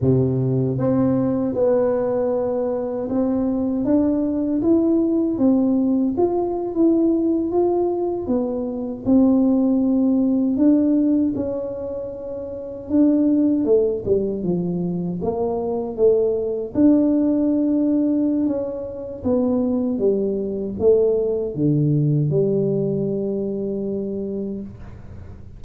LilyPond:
\new Staff \with { instrumentName = "tuba" } { \time 4/4 \tempo 4 = 78 c4 c'4 b2 | c'4 d'4 e'4 c'4 | f'8. e'4 f'4 b4 c'16~ | c'4.~ c'16 d'4 cis'4~ cis'16~ |
cis'8. d'4 a8 g8 f4 ais16~ | ais8. a4 d'2~ d'16 | cis'4 b4 g4 a4 | d4 g2. | }